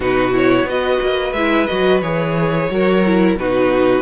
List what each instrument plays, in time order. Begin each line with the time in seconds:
0.00 cello B2, viola D#4, violin F#4 B4
0.32 viola E4, violin C#5
0.63 cello B3, viola F#4, violin B4 D#5
1.01 cello A#3
1.33 cello G#3, viola E4, violin E5
1.66 cello F#3, viola F#4, violin D#5
2.01 cello E3, viola G#4, violin C#5
2.70 cello F#3, viola F#4, violin A#4
3.05 viola E4
3.34 cello B2, viola D#4, violin F#4 B4